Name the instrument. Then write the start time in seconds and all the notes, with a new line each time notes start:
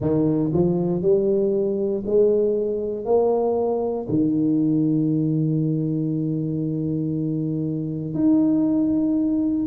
tuba
0.00 D#3
0.53 F3
1.02 G3
2.06 G#3
3.05 A#3
4.08 D#3
8.14 D#4